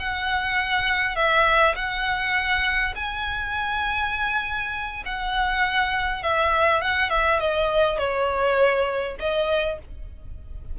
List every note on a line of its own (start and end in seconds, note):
0.00 1.16 F#5
1.16 1.76 E5
1.76 2.95 F#5
2.96 5.04 G#5
5.06 6.23 F#5
6.23 6.82 E5
6.82 7.10 F#5
7.10 7.40 E5
7.40 7.98 D#5
7.98 9.17 C#5
9.20 9.79 D#5